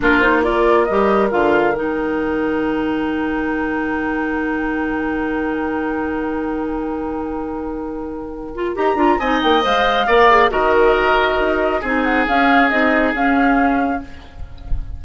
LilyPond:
<<
  \new Staff \with { instrumentName = "flute" } { \time 4/4 \tempo 4 = 137 ais'8 c''8 d''4 dis''4 f''4 | g''1~ | g''1~ | g''1~ |
g''1 | ais''4 gis''8 g''8 f''2 | dis''2. gis''8 fis''8 | f''4 dis''4 f''2 | }
  \new Staff \with { instrumentName = "oboe" } { \time 4/4 f'4 ais'2.~ | ais'1~ | ais'1~ | ais'1~ |
ais'1~ | ais'4 dis''2 d''4 | ais'2. gis'4~ | gis'1 | }
  \new Staff \with { instrumentName = "clarinet" } { \time 4/4 d'8 dis'8 f'4 g'4 f'4 | dis'1~ | dis'1~ | dis'1~ |
dis'2.~ dis'8 f'8 | g'8 f'8 dis'4 c''4 ais'8 gis'8 | fis'2. dis'4 | cis'4 dis'4 cis'2 | }
  \new Staff \with { instrumentName = "bassoon" } { \time 4/4 ais2 g4 d4 | dis1~ | dis1~ | dis1~ |
dis1 | dis'8 d'8 c'8 ais8 gis4 ais4 | dis2 dis'4 c'4 | cis'4 c'4 cis'2 | }
>>